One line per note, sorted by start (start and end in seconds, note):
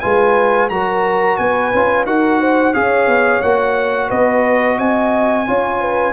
0.00 0.70 G#3
0.00 0.70 F4
0.00 0.70 B4
0.00 0.68 G#5
0.69 1.38 F#3
0.69 1.73 F#4
0.69 1.39 A#4
0.69 1.37 A#5
1.37 1.72 B3
1.37 2.07 B4
1.37 2.05 G#5
1.73 2.06 C#4
1.73 2.06 F4
2.06 2.74 D#4
2.06 2.74 F#4
2.06 2.40 A#4
2.06 2.74 F#5
2.40 2.74 C5
2.74 3.07 C#4
2.74 3.42 G#4
2.74 4.08 C#5
2.74 3.42 F5
3.07 3.41 B3
3.42 4.11 A#3
3.42 5.46 F#4
3.42 4.10 F#5
4.08 4.78 B3
4.08 4.77 B4
4.08 4.78 D#5
4.78 5.47 C4
4.78 5.47 D#5
4.78 6.12 G#5
5.46 6.12 C#4
5.46 6.12 F4
5.46 5.81 C#5
5.81 6.12 B4